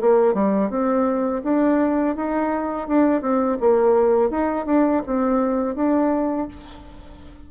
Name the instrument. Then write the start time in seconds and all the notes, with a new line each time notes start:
bassoon
0.00 A#3
0.34 G3
0.70 C4
1.43 D4
2.16 D#4
2.88 D4
3.21 C4
3.60 A#3
4.30 D#4
4.66 D4
5.06 C4
5.75 D4